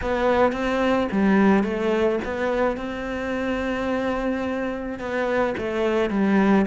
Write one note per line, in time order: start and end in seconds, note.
0.01 0.52 B3
0.52 1.08 C4
1.11 1.63 G3
1.63 2.19 A3
2.24 2.76 B3
2.76 4.98 C4
4.98 5.54 B3
5.57 6.10 A3
6.10 6.65 G3